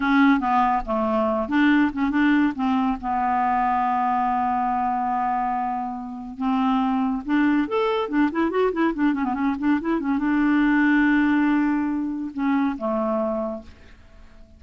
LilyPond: \new Staff \with { instrumentName = "clarinet" } { \time 4/4 \tempo 4 = 141 cis'4 b4 a4. d'8~ | d'8 cis'8 d'4 c'4 b4~ | b1~ | b2. c'4~ |
c'4 d'4 a'4 d'8 e'8 | fis'8 e'8 d'8 cis'16 b16 cis'8 d'8 e'8 cis'8 | d'1~ | d'4 cis'4 a2 | }